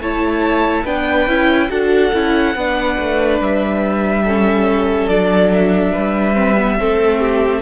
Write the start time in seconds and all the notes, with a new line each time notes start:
0.00 A3 E4 C#5 A5
0.84 B3 D4 B4 G5
1.27 C#4 E4
1.69 D4 F#4 A4 F#5
2.13 C#4 E4
2.55 B3 D4 B4
2.99 A3
3.40 G3 E5
4.23 C#4 A4
5.08 F#3 D4 D5
5.53 E5
5.92 G3 B4
6.34 C4
6.57 B3
6.79 A3 C4 A4
7.20 G4